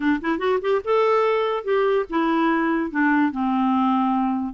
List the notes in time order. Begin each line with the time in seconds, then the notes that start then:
0.00 D4
0.21 E4
0.38 F#4
0.61 G4
0.84 A4
1.64 G4
2.09 E4
2.91 D4
3.31 C4